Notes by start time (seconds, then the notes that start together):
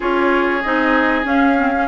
0.00 C#4 F4 G#4 C#5
0.62 C4 D#4 D#5
1.24 C#4 F5
1.57 C4
1.75 C#4